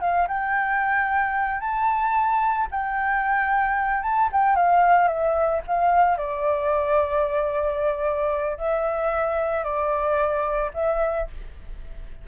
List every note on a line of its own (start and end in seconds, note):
0.00 0.27 F5
0.27 1.60 G5
1.60 2.67 A5
2.71 4.02 G5
4.02 4.29 A5
4.32 4.55 G5
4.55 5.07 F5
5.07 5.61 E5
5.66 6.17 F5
6.17 8.57 D5
8.57 9.63 E5
9.63 10.70 D5
10.73 11.27 E5